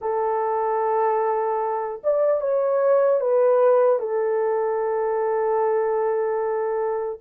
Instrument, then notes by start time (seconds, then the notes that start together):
horn
0.01 A4
2.03 D5
2.40 C#5
3.20 B4
3.99 A4